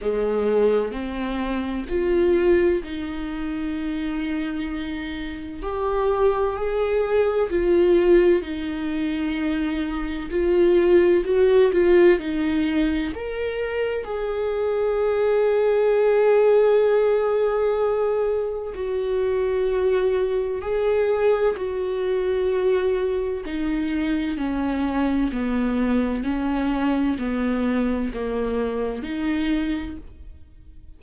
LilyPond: \new Staff \with { instrumentName = "viola" } { \time 4/4 \tempo 4 = 64 gis4 c'4 f'4 dis'4~ | dis'2 g'4 gis'4 | f'4 dis'2 f'4 | fis'8 f'8 dis'4 ais'4 gis'4~ |
gis'1 | fis'2 gis'4 fis'4~ | fis'4 dis'4 cis'4 b4 | cis'4 b4 ais4 dis'4 | }